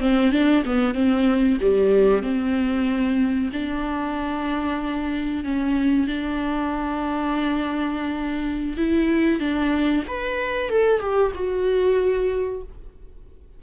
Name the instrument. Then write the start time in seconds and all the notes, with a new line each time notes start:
viola
0.00 C4
0.32 D4
0.65 B3
0.94 C4
1.61 G3
2.23 C4
3.53 D4
5.44 C#4
6.07 D4
8.77 E4
9.40 D4
10.07 B4
10.69 A4
11.00 G4
11.35 F#4